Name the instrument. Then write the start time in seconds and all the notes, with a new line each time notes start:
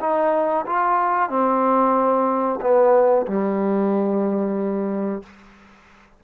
trombone
0.00 D#4
0.66 F4
1.29 C4
2.61 B3
3.27 G3